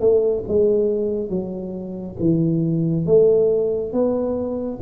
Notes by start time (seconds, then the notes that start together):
0.00 A3
0.47 G#3
1.29 F#3
2.19 E3
3.06 A3
3.92 B3